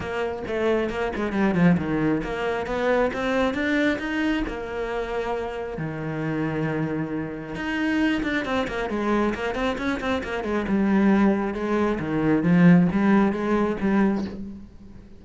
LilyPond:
\new Staff \with { instrumentName = "cello" } { \time 4/4 \tempo 4 = 135 ais4 a4 ais8 gis8 g8 f8 | dis4 ais4 b4 c'4 | d'4 dis'4 ais2~ | ais4 dis2.~ |
dis4 dis'4. d'8 c'8 ais8 | gis4 ais8 c'8 cis'8 c'8 ais8 gis8 | g2 gis4 dis4 | f4 g4 gis4 g4 | }